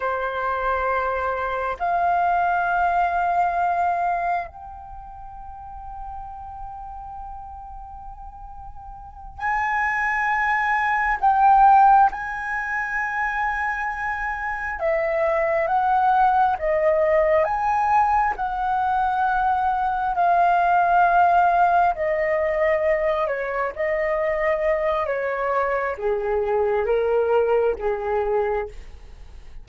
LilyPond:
\new Staff \with { instrumentName = "flute" } { \time 4/4 \tempo 4 = 67 c''2 f''2~ | f''4 g''2.~ | g''2~ g''8 gis''4.~ | gis''8 g''4 gis''2~ gis''8~ |
gis''8 e''4 fis''4 dis''4 gis''8~ | gis''8 fis''2 f''4.~ | f''8 dis''4. cis''8 dis''4. | cis''4 gis'4 ais'4 gis'4 | }